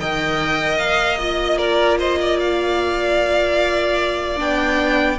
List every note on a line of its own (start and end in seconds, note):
0.00 0.80 D#3
0.00 1.19 A#4
0.00 1.58 D#5
0.00 0.78 G5
0.78 4.39 A#3
0.78 1.18 F5
1.19 4.37 F4
1.19 1.58 D#5
1.58 1.98 A#4
1.58 1.98 D5
1.99 2.19 C5
1.99 2.40 D#5
2.21 5.19 D5
2.40 4.40 F5
4.37 5.19 B3
4.37 5.17 D4
4.37 5.19 G5